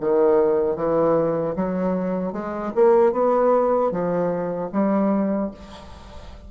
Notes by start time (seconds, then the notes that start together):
0.00 D#3
0.75 E3
1.55 F#3
2.33 G#3
2.75 A#3
3.12 B3
3.91 F3
4.72 G3